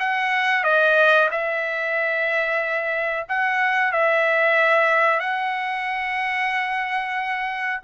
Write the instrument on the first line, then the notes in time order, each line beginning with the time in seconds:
trumpet
0.00 F#5
0.64 D#5
1.31 E5
3.29 F#5
3.93 E5
5.20 F#5